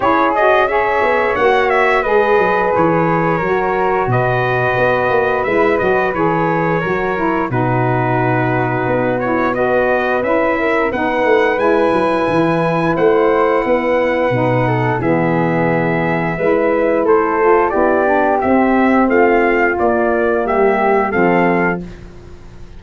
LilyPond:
<<
  \new Staff \with { instrumentName = "trumpet" } { \time 4/4 \tempo 4 = 88 cis''8 dis''8 e''4 fis''8 e''8 dis''4 | cis''2 dis''2 | e''8 dis''8 cis''2 b'4~ | b'4. cis''8 dis''4 e''4 |
fis''4 gis''2 fis''4~ | fis''2 e''2~ | e''4 c''4 d''4 e''4 | f''4 d''4 e''4 f''4 | }
  \new Staff \with { instrumentName = "flute" } { \time 4/4 gis'4 cis''2 b'4~ | b'4 ais'4 b'2~ | b'2 ais'4 fis'4~ | fis'2 b'4. ais'8 |
b'2. c''4 | b'4. a'8 gis'2 | b'4 a'4 g'2 | f'2 g'4 a'4 | }
  \new Staff \with { instrumentName = "saxophone" } { \time 4/4 e'8 fis'8 gis'4 fis'4 gis'4~ | gis'4 fis'2. | e'8 fis'8 gis'4 fis'8 e'8 dis'4~ | dis'4. e'8 fis'4 e'4 |
dis'4 e'2.~ | e'4 dis'4 b2 | e'4. f'8 e'8 d'8 c'4~ | c'4 ais2 c'4 | }
  \new Staff \with { instrumentName = "tuba" } { \time 4/4 cis'4. b8 ais4 gis8 fis8 | e4 fis4 b,4 b8 ais8 | gis8 fis8 e4 fis4 b,4~ | b,4 b2 cis'4 |
b8 a8 gis8 fis8 e4 a4 | b4 b,4 e2 | gis4 a4 b4 c'4 | a4 ais4 g4 f4 | }
>>